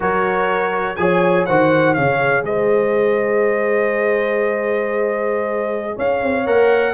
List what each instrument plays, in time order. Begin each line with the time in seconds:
0.00 tuba F#3, trombone F#4, horn A#4, trumpet C#5
0.96 tuba F3, trombone G#4, horn C#5, trumpet G#5
1.45 tuba D#3, trombone F#4, horn C5, trumpet F#5
1.93 tuba C#3, trombone G#4, horn C#5, trumpet F5
2.42 tuba G#3, horn C5, trumpet D#5
5.95 tuba C#4, horn C#5, trumpet F5
6.22 tuba C4
6.46 tuba A#3, trombone A#4, trumpet F#5